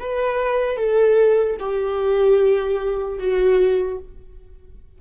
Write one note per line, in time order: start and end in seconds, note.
0.00 0.77 B4
0.77 1.57 A4
1.60 3.19 G4
3.19 3.99 F#4